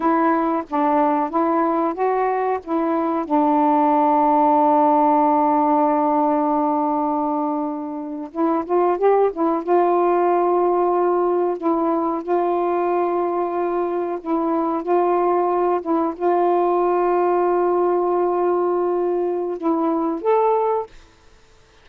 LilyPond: \new Staff \with { instrumentName = "saxophone" } { \time 4/4 \tempo 4 = 92 e'4 d'4 e'4 fis'4 | e'4 d'2.~ | d'1~ | d'8. e'8 f'8 g'8 e'8 f'4~ f'16~ |
f'4.~ f'16 e'4 f'4~ f'16~ | f'4.~ f'16 e'4 f'4~ f'16~ | f'16 e'8 f'2.~ f'16~ | f'2 e'4 a'4 | }